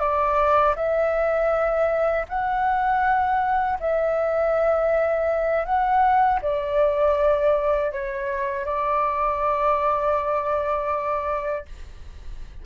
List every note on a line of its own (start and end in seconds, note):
0.00 0.75 D5
0.76 2.26 E5
2.29 3.79 F#5
3.80 5.66 E5
5.66 6.41 F#5
6.42 7.92 D5
7.92 8.66 C#5
8.66 11.66 D5